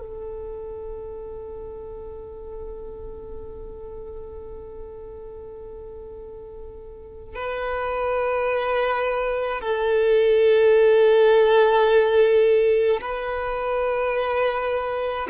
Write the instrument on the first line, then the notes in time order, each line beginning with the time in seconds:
violin
0.00 A4
7.36 B4
9.61 A4
13.01 B4